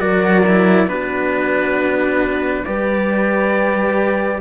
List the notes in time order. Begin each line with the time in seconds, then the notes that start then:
0.00 F#3 F#4 A#4 D5
0.46 E4
0.87 B3 D4 F#4 B4
2.65 G3 G4 B4 D5